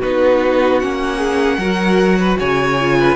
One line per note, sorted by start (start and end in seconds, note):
0.00 0.83 B3
0.00 0.82 D#4
0.00 1.18 F#4
0.00 0.80 B4
0.80 1.58 A#3
0.80 1.61 C#4
0.80 2.38 F#5
1.18 1.58 G#4
1.58 2.37 F#3
1.58 2.80 F#4
1.58 2.19 A#4
2.19 2.39 B4
2.40 3.16 C#3
2.40 2.99 C#5
2.40 3.16 G#5
2.81 3.16 F4
2.99 3.16 B4